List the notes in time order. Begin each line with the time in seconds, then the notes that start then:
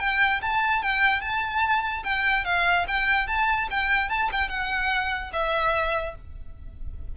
0.00 G5
0.42 A5
0.83 G5
1.21 A5
2.04 G5
2.45 F5
2.88 G5
3.27 A5
3.71 G5
4.10 A5
4.33 G5
4.49 F#5
5.33 E5